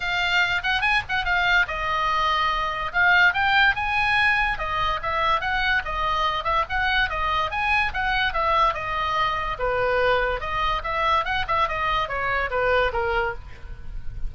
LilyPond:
\new Staff \with { instrumentName = "oboe" } { \time 4/4 \tempo 4 = 144 f''4. fis''8 gis''8 fis''8 f''4 | dis''2. f''4 | g''4 gis''2 dis''4 | e''4 fis''4 dis''4. e''8 |
fis''4 dis''4 gis''4 fis''4 | e''4 dis''2 b'4~ | b'4 dis''4 e''4 fis''8 e''8 | dis''4 cis''4 b'4 ais'4 | }